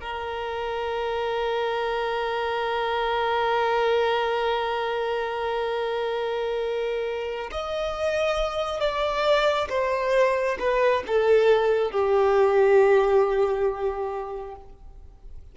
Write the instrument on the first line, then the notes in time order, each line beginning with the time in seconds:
violin
0.00 A#4
7.51 D#5
8.80 D5
9.69 C5
10.59 B4
11.06 A4
11.91 G4